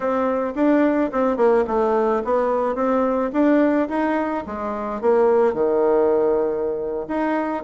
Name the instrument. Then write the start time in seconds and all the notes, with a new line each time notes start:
bassoon
0.00 C4
0.55 D4
1.12 C4
1.36 A#3
1.67 A3
2.24 B3
2.75 C4
3.32 D4
3.88 D#4
4.46 G#3
5.01 A#3
5.53 D#3
7.08 D#4